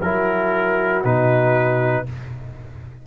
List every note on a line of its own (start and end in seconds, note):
0.00 1.04 F#3
0.00 1.04 E4
0.00 2.03 F#4
0.00 1.03 A#4
1.04 2.06 B2
1.04 2.06 D#4
1.04 2.07 B4